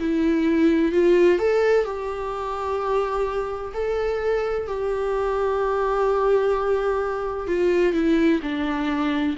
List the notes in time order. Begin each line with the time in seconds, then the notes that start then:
0.00 E4
0.92 F4
1.39 A4
1.85 G4
3.74 A4
4.67 G4
7.47 F4
7.94 E4
8.43 D4